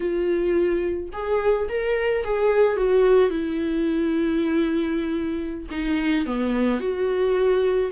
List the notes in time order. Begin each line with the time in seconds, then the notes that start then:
0.00 F4
1.12 G#4
1.68 A#4
2.24 G#4
2.77 F#4
3.30 E4
5.70 D#4
6.26 B3
6.80 F#4